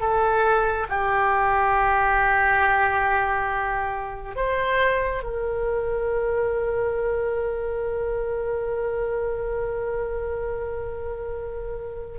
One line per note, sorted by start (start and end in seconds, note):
0.00 0.87 A4
0.89 4.36 G4
4.36 5.23 C5
5.23 12.18 A#4